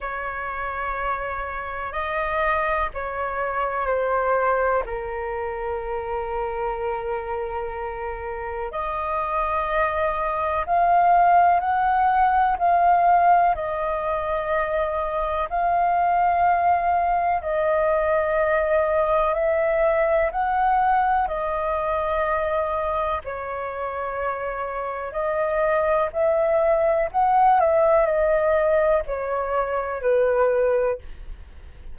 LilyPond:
\new Staff \with { instrumentName = "flute" } { \time 4/4 \tempo 4 = 62 cis''2 dis''4 cis''4 | c''4 ais'2.~ | ais'4 dis''2 f''4 | fis''4 f''4 dis''2 |
f''2 dis''2 | e''4 fis''4 dis''2 | cis''2 dis''4 e''4 | fis''8 e''8 dis''4 cis''4 b'4 | }